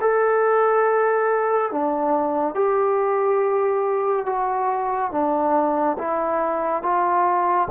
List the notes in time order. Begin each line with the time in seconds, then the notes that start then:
0.00 A4
1.71 D4
2.54 G4
4.25 F#4
5.11 D4
5.98 E4
6.82 F4